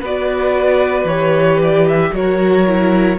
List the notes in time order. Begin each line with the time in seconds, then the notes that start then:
0.00 B3 F#4 B4 D5
1.04 E3 G4 C#5
1.62 D5
1.88 E5
2.12 F#3 F#4 A#4 C#5
2.66 E4